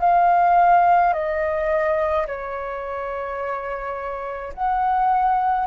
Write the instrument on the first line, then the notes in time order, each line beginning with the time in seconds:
flute
0.00 F5
1.13 D#5
2.27 C#5
4.54 F#5